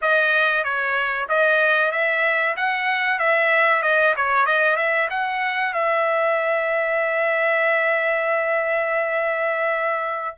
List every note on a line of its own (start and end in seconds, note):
0.01 0.64 D#5
0.64 1.27 C#5
1.29 1.91 D#5
1.91 2.55 E5
2.56 3.19 F#5
3.19 3.82 E5
3.82 4.14 D#5
4.16 4.46 C#5
4.46 4.76 D#5
4.76 5.08 E5
5.10 5.73 F#5
5.73 10.36 E5